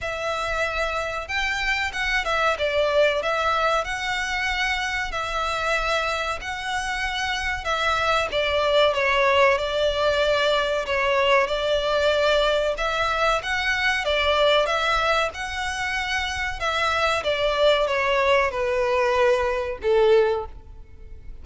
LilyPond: \new Staff \with { instrumentName = "violin" } { \time 4/4 \tempo 4 = 94 e''2 g''4 fis''8 e''8 | d''4 e''4 fis''2 | e''2 fis''2 | e''4 d''4 cis''4 d''4~ |
d''4 cis''4 d''2 | e''4 fis''4 d''4 e''4 | fis''2 e''4 d''4 | cis''4 b'2 a'4 | }